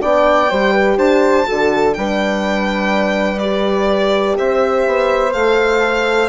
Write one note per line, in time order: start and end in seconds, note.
0.00 0.51 B3
0.00 0.48 D4
0.00 0.50 D5
0.00 0.98 G5
0.49 0.97 G3
0.49 1.45 G4
0.49 0.72 C5
0.72 0.96 B4
0.97 1.45 D4
0.97 1.46 C5
0.97 1.93 A5
1.45 1.96 D3
1.45 1.94 F#4
1.45 1.95 A4
1.93 4.38 G3
1.93 3.40 D4
1.93 4.37 B4
1.93 3.38 G5
3.38 5.32 G4
3.38 4.35 D5
4.37 4.86 C4
4.37 6.28 C5
4.37 5.32 E5
4.86 5.34 B3
5.32 6.28 A3
5.32 6.28 A4
5.32 6.28 F5